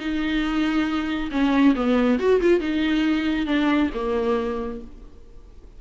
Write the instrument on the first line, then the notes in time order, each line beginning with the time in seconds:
viola
0.00 D#4
1.32 C#4
1.76 B3
2.20 F#4
2.42 F4
2.61 D#4
3.47 D4
3.94 A#3